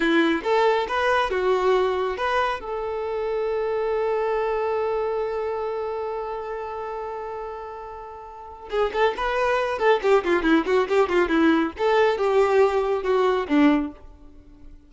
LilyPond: \new Staff \with { instrumentName = "violin" } { \time 4/4 \tempo 4 = 138 e'4 a'4 b'4 fis'4~ | fis'4 b'4 a'2~ | a'1~ | a'1~ |
a'1 | gis'8 a'8 b'4. a'8 g'8 f'8 | e'8 fis'8 g'8 f'8 e'4 a'4 | g'2 fis'4 d'4 | }